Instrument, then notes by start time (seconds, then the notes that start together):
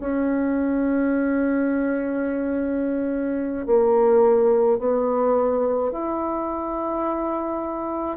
bassoon
0.00 C#4
3.66 A#3
4.79 B3
5.92 E4